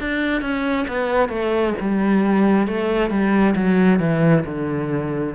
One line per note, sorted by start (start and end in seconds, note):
0.00 0.42 D4
0.42 0.86 C#4
0.88 1.29 B3
1.29 1.74 A3
1.80 2.67 G3
2.67 3.10 A3
3.10 3.55 G3
3.55 3.99 F#3
3.99 4.44 E3
4.45 5.34 D3